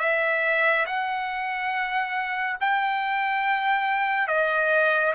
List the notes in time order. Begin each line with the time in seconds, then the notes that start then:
0.00 E5
0.86 F#5
2.61 G5
4.28 D#5